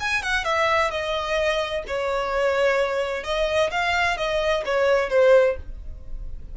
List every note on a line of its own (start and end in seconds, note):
0.00 0.22 G#5
0.22 0.44 F#5
0.44 0.90 E5
0.90 1.84 D#5
1.87 3.24 C#5
3.24 3.70 D#5
3.71 4.17 F5
4.17 4.64 D#5
4.65 5.10 C#5
5.10 5.56 C5